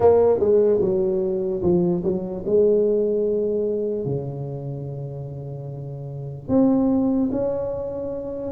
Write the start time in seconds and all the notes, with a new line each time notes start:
0.00 A#3
0.39 G#3
0.81 F#3
1.62 F3
2.03 F#3
2.45 G#3
4.05 C#3
6.48 C4
7.31 C#4